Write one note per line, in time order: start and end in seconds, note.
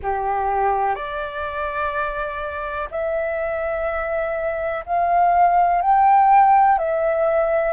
0.02 0.95 G4
0.95 2.88 D5
2.90 4.84 E5
4.86 5.81 F5
5.81 6.78 G5
6.78 7.72 E5